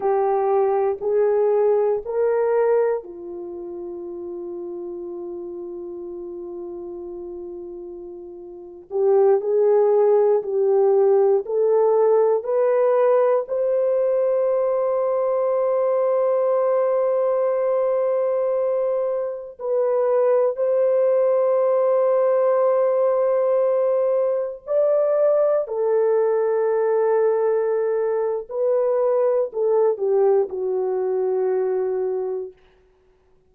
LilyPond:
\new Staff \with { instrumentName = "horn" } { \time 4/4 \tempo 4 = 59 g'4 gis'4 ais'4 f'4~ | f'1~ | f'8. g'8 gis'4 g'4 a'8.~ | a'16 b'4 c''2~ c''8.~ |
c''2.~ c''16 b'8.~ | b'16 c''2.~ c''8.~ | c''16 d''4 a'2~ a'8. | b'4 a'8 g'8 fis'2 | }